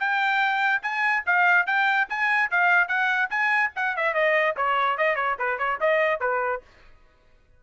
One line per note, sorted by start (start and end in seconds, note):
0.00 0.83 G5
0.83 1.24 G#5
1.27 1.67 F5
1.67 2.08 G5
2.10 2.51 G#5
2.51 2.89 F5
2.89 3.30 F#5
3.30 3.72 G#5
3.76 3.97 F#5
3.97 4.14 E5
4.14 4.56 D#5
4.57 4.98 C#5
4.98 5.16 D#5
5.16 5.37 C#5
5.39 5.59 B4
5.59 5.79 C#5
5.81 6.21 D#5
6.21 6.62 B4